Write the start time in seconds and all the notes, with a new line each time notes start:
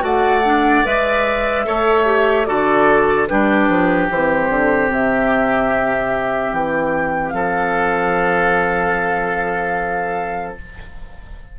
0.00 A3 F#4 D5 F#5
0.45 D4
0.85 G#3 B4 E5
1.65 A3 A4 C#5
2.06 G4
2.45 D3 F#4 A4 D5
3.27 G3 D4 G4 B4
3.69 F3
4.10 E3 C4 C5
4.49 D3
4.89 C3 E5
6.52 E3 G5
7.29 F3 A4 F5